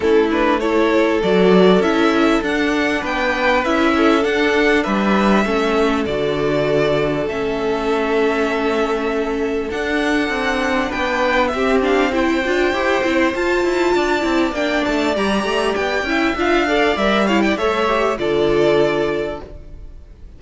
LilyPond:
<<
  \new Staff \with { instrumentName = "violin" } { \time 4/4 \tempo 4 = 99 a'8 b'8 cis''4 d''4 e''4 | fis''4 g''4 e''4 fis''4 | e''2 d''2 | e''1 |
fis''2 g''4 e''8 f''8 | g''2 a''2 | g''8 a''8 ais''4 g''4 f''4 | e''8 f''16 g''16 e''4 d''2 | }
  \new Staff \with { instrumentName = "violin" } { \time 4/4 e'4 a'2.~ | a'4 b'4. a'4. | b'4 a'2.~ | a'1~ |
a'2 b'4 g'4 | c''2. d''4~ | d''2~ d''8 e''4 d''8~ | d''8 cis''16 d''16 cis''4 a'2 | }
  \new Staff \with { instrumentName = "viola" } { \time 4/4 cis'8 d'8 e'4 fis'4 e'4 | d'2 e'4 d'4~ | d'4 cis'4 fis'2 | cis'1 |
d'2. c'8 d'8 | e'8 f'8 g'8 e'8 f'4. e'8 | d'4 g'4. e'8 f'8 a'8 | ais'8 e'8 a'8 g'8 f'2 | }
  \new Staff \with { instrumentName = "cello" } { \time 4/4 a2 fis4 cis'4 | d'4 b4 cis'4 d'4 | g4 a4 d2 | a1 |
d'4 c'4 b4 c'4~ | c'8 d'8 e'8 c'8 f'8 e'8 d'8 c'8 | ais8 a8 g8 a8 b8 cis'8 d'4 | g4 a4 d2 | }
>>